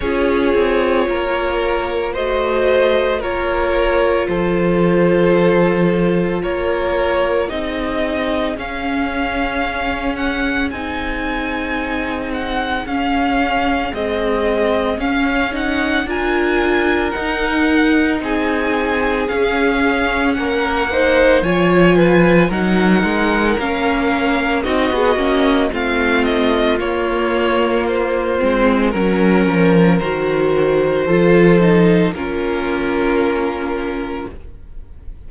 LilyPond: <<
  \new Staff \with { instrumentName = "violin" } { \time 4/4 \tempo 4 = 56 cis''2 dis''4 cis''4 | c''2 cis''4 dis''4 | f''4. fis''8 gis''4. fis''8 | f''4 dis''4 f''8 fis''8 gis''4 |
fis''4 gis''4 f''4 fis''4 | gis''4 fis''4 f''4 dis''4 | f''8 dis''8 cis''4 c''4 ais'4 | c''2 ais'2 | }
  \new Staff \with { instrumentName = "violin" } { \time 4/4 gis'4 ais'4 c''4 ais'4 | a'2 ais'4 gis'4~ | gis'1~ | gis'2. ais'4~ |
ais'4 gis'2 ais'8 c''8 | cis''8 b'8 ais'2 fis'4 | f'2. ais'4~ | ais'4 a'4 f'2 | }
  \new Staff \with { instrumentName = "viola" } { \time 4/4 f'2 fis'4 f'4~ | f'2. dis'4 | cis'2 dis'2 | cis'4 gis4 cis'8 dis'8 f'4 |
dis'2 cis'4. dis'8 | f'4 dis'4 cis'4 dis'16 gis'16 cis'8 | c'4 ais4. c'8 cis'4 | fis'4 f'8 dis'8 cis'2 | }
  \new Staff \with { instrumentName = "cello" } { \time 4/4 cis'8 c'8 ais4 a4 ais4 | f2 ais4 c'4 | cis'2 c'2 | cis'4 c'4 cis'4 d'4 |
dis'4 c'4 cis'4 ais4 | f4 fis8 gis8 ais4 c'16 b16 ais8 | a4 ais4. gis8 fis8 f8 | dis4 f4 ais2 | }
>>